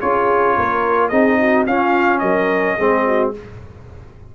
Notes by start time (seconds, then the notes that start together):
0.00 C#4 F4 G#4 C#5
0.56 A#3 A#4
1.08 C4 D#4 G#4 D#5
1.39 F#4
1.66 C#4 F4 F5
2.19 F#3 A#4 D#5
2.76 G#3 C4 G#4
3.06 F#4